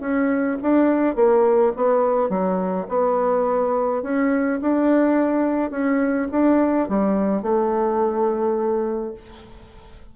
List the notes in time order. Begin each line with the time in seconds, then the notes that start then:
0.00 C#4
0.62 D4
1.15 A#3
1.76 B3
2.29 F#3
2.89 B3
4.03 C#4
4.62 D4
5.70 C#4
6.31 D4
6.89 G3
7.42 A3